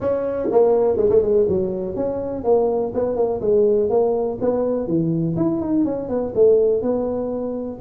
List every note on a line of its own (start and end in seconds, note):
0.00 0.49 C#4
0.51 0.97 A#3
0.97 1.09 G#3
1.09 1.22 A3
1.22 1.46 G#3
1.48 1.95 F#3
1.95 2.43 C#4
2.43 2.92 A#3
2.94 3.16 B3
3.16 3.40 A#3
3.41 3.89 G#3
3.89 4.38 A#3
4.40 4.87 B3
4.87 5.35 E3
5.36 5.60 E4
5.60 5.84 D#4
5.84 6.08 C#4
6.08 6.33 B3
6.35 6.82 A3
6.82 7.79 B3